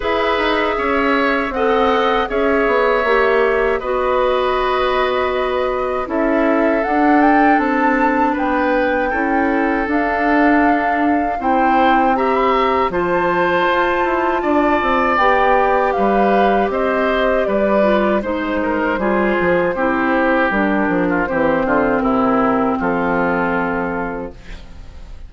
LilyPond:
<<
  \new Staff \with { instrumentName = "flute" } { \time 4/4 \tempo 4 = 79 e''2 fis''4 e''4~ | e''4 dis''2. | e''4 fis''8 g''8 a''4 g''4~ | g''4 f''2 g''4 |
ais''16 b''16 ais''8 a''2. | g''4 f''4 dis''4 d''4 | c''2. ais'4 | c''4 ais'4 a'2 | }
  \new Staff \with { instrumentName = "oboe" } { \time 4/4 b'4 cis''4 dis''4 cis''4~ | cis''4 b'2. | a'2. b'4 | a'2. c''4 |
e''4 c''2 d''4~ | d''4 b'4 c''4 b'4 | c''8 ais'8 gis'4 g'4.~ g'16 f'16 | g'8 f'8 e'4 f'2 | }
  \new Staff \with { instrumentName = "clarinet" } { \time 4/4 gis'2 a'4 gis'4 | g'4 fis'2. | e'4 d'2. | e'4 d'2 e'4 |
g'4 f'2. | g'2.~ g'8 f'8 | dis'4 f'4 e'4 d'4 | c'1 | }
  \new Staff \with { instrumentName = "bassoon" } { \time 4/4 e'8 dis'8 cis'4 c'4 cis'8 b8 | ais4 b2. | cis'4 d'4 c'4 b4 | cis'4 d'2 c'4~ |
c'4 f4 f'8 e'8 d'8 c'8 | b4 g4 c'4 g4 | gis4 g8 f8 c'4 g8 f8 | e8 d8 c4 f2 | }
>>